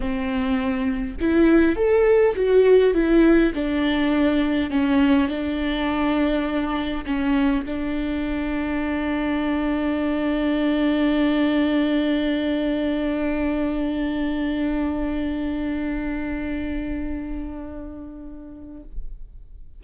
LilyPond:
\new Staff \with { instrumentName = "viola" } { \time 4/4 \tempo 4 = 102 c'2 e'4 a'4 | fis'4 e'4 d'2 | cis'4 d'2. | cis'4 d'2.~ |
d'1~ | d'1~ | d'1~ | d'1 | }